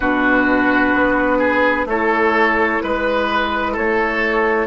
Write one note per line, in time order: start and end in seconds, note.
0.00 0.93 B2
0.00 1.87 D4
0.00 1.38 F#4
0.00 1.87 B4
0.93 1.85 B3
1.38 1.85 G#4
1.85 2.79 A3
1.85 4.66 E4
1.85 2.83 A4
1.85 2.81 C#5
2.81 3.76 G#3
2.81 3.75 B4
2.81 3.72 B4
3.72 4.66 A3
3.72 4.66 A4
3.72 4.66 C#5